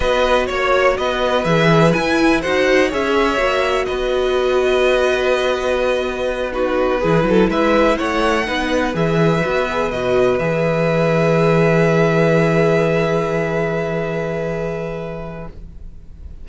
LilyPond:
<<
  \new Staff \with { instrumentName = "violin" } { \time 4/4 \tempo 4 = 124 dis''4 cis''4 dis''4 e''4 | gis''4 fis''4 e''2 | dis''1~ | dis''4. b'2 e''8~ |
e''8 fis''2 e''4.~ | e''8 dis''4 e''2~ e''8~ | e''1~ | e''1 | }
  \new Staff \with { instrumentName = "violin" } { \time 4/4 b'4 cis''4 b'2~ | b'4 c''4 cis''2 | b'1~ | b'4. fis'4 gis'8 a'8 b'8~ |
b'8 cis''4 b'2~ b'8~ | b'1~ | b'1~ | b'1 | }
  \new Staff \with { instrumentName = "viola" } { \time 4/4 fis'2. gis'4 | e'4 fis'4 gis'4 fis'4~ | fis'1~ | fis'4. dis'4 e'4.~ |
e'4. dis'4 gis'4 fis'8 | gis'8 fis'4 gis'2~ gis'8~ | gis'1~ | gis'1 | }
  \new Staff \with { instrumentName = "cello" } { \time 4/4 b4 ais4 b4 e4 | e'4 dis'4 cis'4 ais4 | b1~ | b2~ b8 e8 fis8 gis8~ |
gis8 a4 b4 e4 b8~ | b8 b,4 e2~ e8~ | e1~ | e1 | }
>>